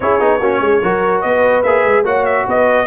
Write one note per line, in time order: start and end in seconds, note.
0.00 0.20 C#4
0.00 0.19 E4
0.00 0.40 G#4
0.00 1.21 C#5
0.19 0.40 B3
0.19 0.40 D#4
0.40 0.60 A#3
0.40 0.82 C#4
0.40 0.60 F#4
0.60 0.80 G#3
0.60 0.82 G#4
0.82 1.24 F#3
0.82 1.64 F#4
0.82 1.23 A#4
1.21 1.64 B3
1.21 2.04 B4
1.21 1.62 D#5
1.63 1.84 A#3
1.63 2.04 G#4
1.63 2.04 E5
1.84 2.04 G#3
2.04 2.45 A#3
2.04 2.86 F#4
2.04 2.45 C#5
2.04 2.25 F#5
2.25 2.46 E5
2.47 2.86 B3
2.47 2.86 B4
2.47 2.86 D#5